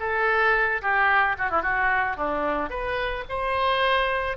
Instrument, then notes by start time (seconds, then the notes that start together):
oboe
0.00 A4
0.82 G4
1.39 F#4
1.50 E4
1.62 F#4
2.17 D4
2.70 B4
3.29 C5